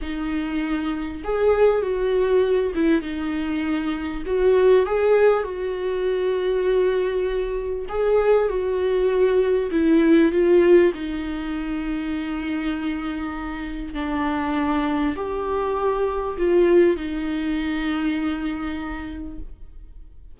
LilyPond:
\new Staff \with { instrumentName = "viola" } { \time 4/4 \tempo 4 = 99 dis'2 gis'4 fis'4~ | fis'8 e'8 dis'2 fis'4 | gis'4 fis'2.~ | fis'4 gis'4 fis'2 |
e'4 f'4 dis'2~ | dis'2. d'4~ | d'4 g'2 f'4 | dis'1 | }